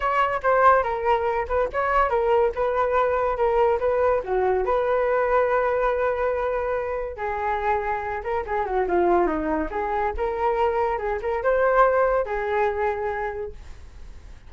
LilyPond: \new Staff \with { instrumentName = "flute" } { \time 4/4 \tempo 4 = 142 cis''4 c''4 ais'4. b'8 | cis''4 ais'4 b'2 | ais'4 b'4 fis'4 b'4~ | b'1~ |
b'4 gis'2~ gis'8 ais'8 | gis'8 fis'8 f'4 dis'4 gis'4 | ais'2 gis'8 ais'8 c''4~ | c''4 gis'2. | }